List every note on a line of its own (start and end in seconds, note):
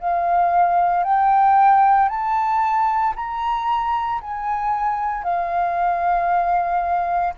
0.00 1.04 F5
1.04 2.09 G5
2.09 3.14 A5
3.16 4.22 A#5
4.22 5.24 G#5
5.24 7.34 F5